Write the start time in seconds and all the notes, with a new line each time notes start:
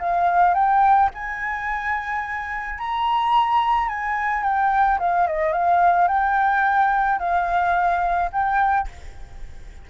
0.00 F5
0.55 G5
1.15 G#5
2.79 A#5
3.89 G#5
4.44 G5
4.99 F5
5.27 D#5
5.53 F5
6.08 G5
7.19 F5
8.33 G5